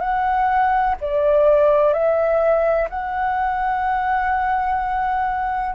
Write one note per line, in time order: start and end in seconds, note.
0.00 0.95 F#5
1.01 1.93 D5
1.93 2.88 E5
2.90 5.75 F#5